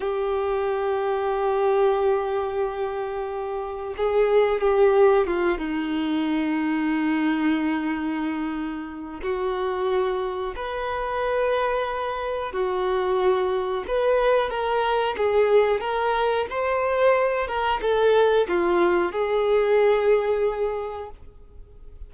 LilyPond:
\new Staff \with { instrumentName = "violin" } { \time 4/4 \tempo 4 = 91 g'1~ | g'2 gis'4 g'4 | f'8 dis'2.~ dis'8~ | dis'2 fis'2 |
b'2. fis'4~ | fis'4 b'4 ais'4 gis'4 | ais'4 c''4. ais'8 a'4 | f'4 gis'2. | }